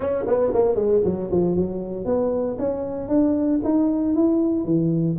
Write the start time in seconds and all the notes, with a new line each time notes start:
0.00 C#4
0.26 B3
0.53 A#3
0.75 G#3
1.04 F#3
1.31 F3
1.56 F#3
2.05 B3
2.58 C#4
3.08 D4
3.64 D#4
4.15 E4
4.64 E3